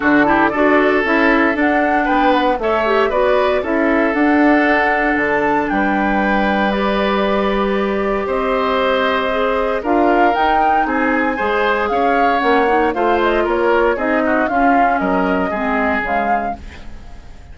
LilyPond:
<<
  \new Staff \with { instrumentName = "flute" } { \time 4/4 \tempo 4 = 116 a'4 d''4 e''4 fis''4 | g''8 fis''8 e''4 d''4 e''4 | fis''2 a''4 g''4~ | g''4 d''2. |
dis''2. f''4 | g''4 gis''2 f''4 | fis''4 f''8 dis''8 cis''4 dis''4 | f''4 dis''2 f''4 | }
  \new Staff \with { instrumentName = "oboe" } { \time 4/4 fis'8 g'8 a'2. | b'4 cis''4 b'4 a'4~ | a'2. b'4~ | b'1 |
c''2. ais'4~ | ais'4 gis'4 c''4 cis''4~ | cis''4 c''4 ais'4 gis'8 fis'8 | f'4 ais'4 gis'2 | }
  \new Staff \with { instrumentName = "clarinet" } { \time 4/4 d'8 e'8 fis'4 e'4 d'4~ | d'4 a'8 g'8 fis'4 e'4 | d'1~ | d'4 g'2.~ |
g'2 gis'4 f'4 | dis'2 gis'2 | cis'8 dis'8 f'2 dis'4 | cis'2 c'4 gis4 | }
  \new Staff \with { instrumentName = "bassoon" } { \time 4/4 d4 d'4 cis'4 d'4 | b4 a4 b4 cis'4 | d'2 d4 g4~ | g1 |
c'2. d'4 | dis'4 c'4 gis4 cis'4 | ais4 a4 ais4 c'4 | cis'4 fis4 gis4 cis4 | }
>>